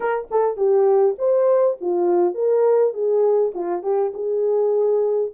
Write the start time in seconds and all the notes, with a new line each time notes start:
0.00 A#4
0.30 A4
0.56 G4
1.18 C5
1.80 F4
2.34 A#4
2.93 G#4
3.54 F4
3.82 G4
4.14 G#4